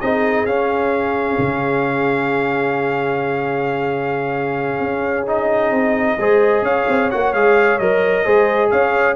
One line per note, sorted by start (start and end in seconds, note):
0.00 0.45 C4
0.00 0.47 D#4
0.00 6.19 G#4
0.00 0.46 D#5
0.45 1.37 C#4
0.45 5.26 C#4
0.45 5.27 F5
1.38 4.79 C#3
4.79 5.70 C#4
5.26 6.18 D#4
5.26 6.64 D#5
5.70 6.16 C4
6.17 6.62 G#3
6.17 7.11 G#4
6.17 6.65 C5
6.62 6.85 C#4
6.62 8.25 C#5
6.62 7.10 F5
6.89 7.11 C4
7.10 7.33 A#3
7.10 7.34 F#4
7.10 7.33 F#5
7.33 7.79 G#3
7.33 7.80 G#4
7.33 7.79 F5
7.79 8.25 F#3
7.79 8.25 A#4
7.79 8.70 D#5
8.25 8.71 G#3
8.25 9.16 G#4
8.25 8.71 C5
8.71 9.16 C#4
8.71 9.16 C#5
8.71 9.16 F5